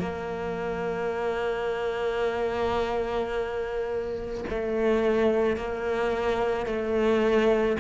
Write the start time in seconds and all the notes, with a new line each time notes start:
0.00 A#3
4.49 A3
5.57 A#3
6.66 A3